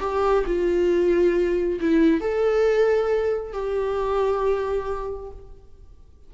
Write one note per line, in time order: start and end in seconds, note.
0.00 0.44 G4
0.46 1.79 F4
1.81 2.21 E4
2.21 3.53 A4
3.53 5.30 G4